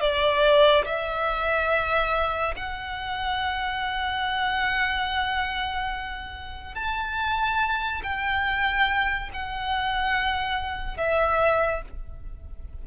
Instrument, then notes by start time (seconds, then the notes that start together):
violin
0.00 D5
0.85 E5
2.56 F#5
6.75 A5
8.03 G5
9.33 F#5
10.97 E5